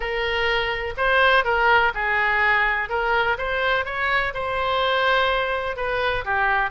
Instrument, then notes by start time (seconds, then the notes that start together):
oboe
0.00 A#4
0.97 C5
1.44 A#4
1.94 G#4
2.89 A#4
3.38 C5
3.85 C#5
4.34 C5
5.76 B4
6.24 G4